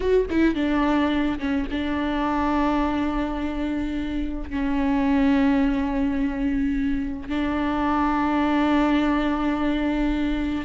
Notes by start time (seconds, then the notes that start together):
0.00 F#4
0.30 E4
0.55 D4
1.39 C#4
1.70 D4
4.50 C#4
7.28 D4